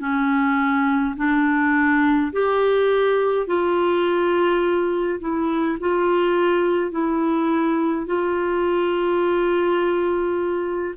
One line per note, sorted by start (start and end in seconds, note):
0.00 1.15 C#4
1.17 2.32 D4
2.33 3.47 G4
3.47 5.20 F4
5.20 5.78 E4
5.81 6.92 F4
6.92 8.07 E4
8.07 10.95 F4